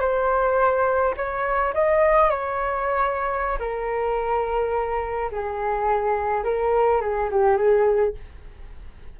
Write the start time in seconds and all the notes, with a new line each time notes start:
0.00 C5
1.17 C#5
1.74 D#5
2.30 C#5
3.59 A#4
5.31 G#4
6.44 A#4
7.01 G#4
7.31 G4
7.57 G#4